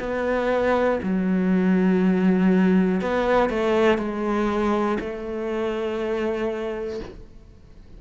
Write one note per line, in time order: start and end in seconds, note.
0.00 1.00 B3
1.03 3.01 F#3
3.01 3.50 B3
3.50 3.99 A3
3.99 4.99 G#3
5.00 7.00 A3